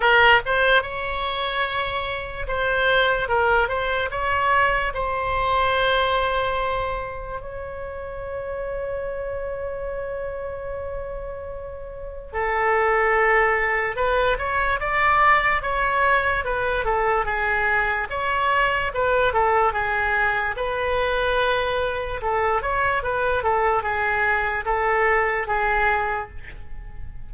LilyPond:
\new Staff \with { instrumentName = "oboe" } { \time 4/4 \tempo 4 = 73 ais'8 c''8 cis''2 c''4 | ais'8 c''8 cis''4 c''2~ | c''4 cis''2.~ | cis''2. a'4~ |
a'4 b'8 cis''8 d''4 cis''4 | b'8 a'8 gis'4 cis''4 b'8 a'8 | gis'4 b'2 a'8 cis''8 | b'8 a'8 gis'4 a'4 gis'4 | }